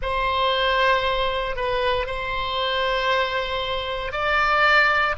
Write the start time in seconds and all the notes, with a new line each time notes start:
0.01 C5
1.56 B4
2.06 C5
4.11 D5